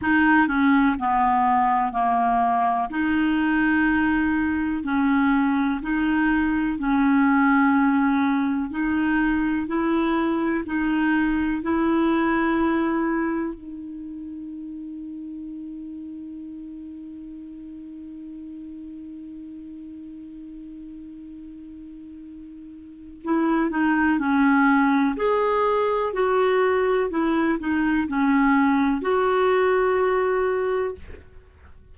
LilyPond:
\new Staff \with { instrumentName = "clarinet" } { \time 4/4 \tempo 4 = 62 dis'8 cis'8 b4 ais4 dis'4~ | dis'4 cis'4 dis'4 cis'4~ | cis'4 dis'4 e'4 dis'4 | e'2 dis'2~ |
dis'1~ | dis'1 | e'8 dis'8 cis'4 gis'4 fis'4 | e'8 dis'8 cis'4 fis'2 | }